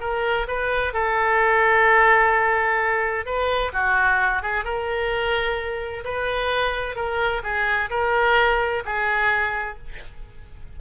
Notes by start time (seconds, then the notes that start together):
0.00 A#4
0.47 B4
0.93 A4
3.26 B4
3.73 F#4
4.42 G#4
4.64 A#4
6.04 B4
6.96 A#4
7.43 G#4
7.90 A#4
8.85 G#4